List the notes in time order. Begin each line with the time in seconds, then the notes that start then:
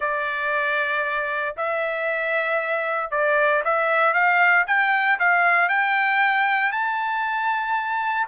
0.00 D5
1.57 E5
3.11 D5
3.64 E5
4.13 F5
4.66 G5
5.19 F5
5.68 G5
6.71 A5